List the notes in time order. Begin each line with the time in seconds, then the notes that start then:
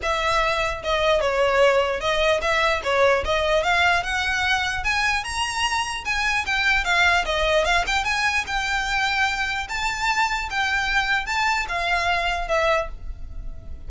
0.02 E5
0.83 D#5
1.20 C#5
2.00 D#5
2.41 E5
2.83 C#5
3.25 D#5
3.63 F5
4.03 F#5
4.84 G#5
5.23 A#5
6.04 G#5
6.45 G5
6.84 F5
7.25 D#5
7.64 F5
7.87 G5
8.04 G#5
8.46 G5
9.68 A5
10.49 G5
11.25 A5
11.68 F5
12.48 E5